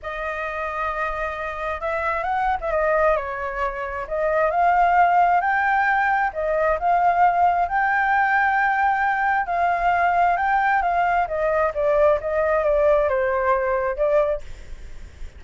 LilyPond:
\new Staff \with { instrumentName = "flute" } { \time 4/4 \tempo 4 = 133 dis''1 | e''4 fis''8. e''16 dis''4 cis''4~ | cis''4 dis''4 f''2 | g''2 dis''4 f''4~ |
f''4 g''2.~ | g''4 f''2 g''4 | f''4 dis''4 d''4 dis''4 | d''4 c''2 d''4 | }